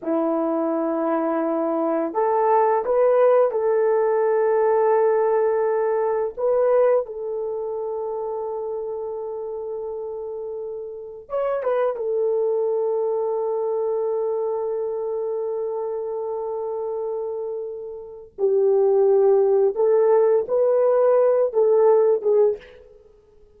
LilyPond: \new Staff \with { instrumentName = "horn" } { \time 4/4 \tempo 4 = 85 e'2. a'4 | b'4 a'2.~ | a'4 b'4 a'2~ | a'1 |
cis''8 b'8 a'2.~ | a'1~ | a'2 g'2 | a'4 b'4. a'4 gis'8 | }